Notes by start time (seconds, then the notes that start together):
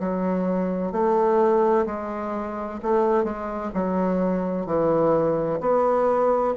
0.00 F#3
0.92 A3
1.86 G#3
2.82 A3
3.24 G#3
3.74 F#3
4.66 E3
5.60 B3